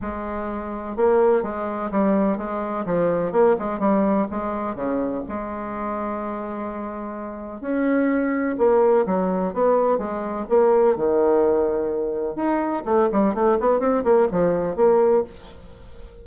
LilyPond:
\new Staff \with { instrumentName = "bassoon" } { \time 4/4 \tempo 4 = 126 gis2 ais4 gis4 | g4 gis4 f4 ais8 gis8 | g4 gis4 cis4 gis4~ | gis1 |
cis'2 ais4 fis4 | b4 gis4 ais4 dis4~ | dis2 dis'4 a8 g8 | a8 b8 c'8 ais8 f4 ais4 | }